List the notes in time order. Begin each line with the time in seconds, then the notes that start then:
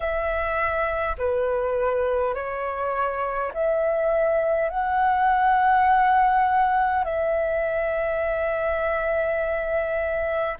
0.00 E5
1.18 B4
2.34 C#5
3.53 E5
4.69 F#5
7.04 E5